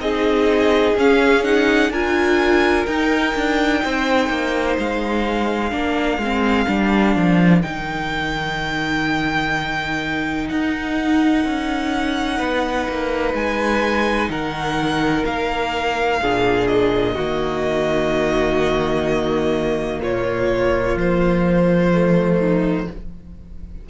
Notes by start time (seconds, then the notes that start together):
0.00 C4 D#4 G#4 D#5
0.96 C#4 F5
1.44 D#4 F#5
1.90 D4 F4 A#4 G#5
2.86 D#4 G5
3.36 D4
3.85 C4 C5
4.29 A#3
4.79 G#3 F5
5.71 A#3 D4 A#4
6.18 G#3 C4
6.68 G3 D4
7.16 F3
7.62 D#3 D#4 G5
10.49 D#4 F#5
11.45 C#4
12.39 B3 B4
12.88 A#3
13.34 G#3 G#5
14.30 D#3 A#4 F#5
15.26 A#3 F5
16.22 A#2 D4 G#4
16.68 D#5
17.15 D#3 A#3 F#4
20.00 A#2 F4 C#5
20.97 F3 C5
21.93 A3
22.39 D#4